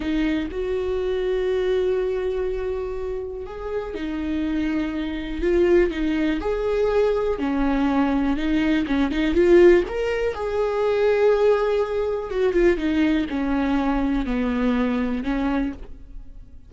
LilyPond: \new Staff \with { instrumentName = "viola" } { \time 4/4 \tempo 4 = 122 dis'4 fis'2.~ | fis'2. gis'4 | dis'2. f'4 | dis'4 gis'2 cis'4~ |
cis'4 dis'4 cis'8 dis'8 f'4 | ais'4 gis'2.~ | gis'4 fis'8 f'8 dis'4 cis'4~ | cis'4 b2 cis'4 | }